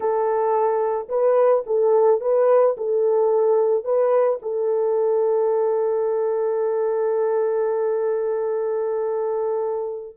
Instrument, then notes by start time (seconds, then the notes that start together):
horn
0.00 A4
1.08 B4
1.66 A4
2.20 B4
2.77 A4
3.84 B4
4.42 A4